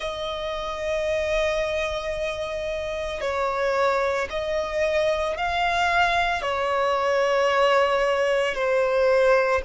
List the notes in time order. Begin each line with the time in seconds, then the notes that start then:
0.00 D#5
3.20 C#5
4.30 D#5
5.37 F5
6.42 C#5
8.54 C5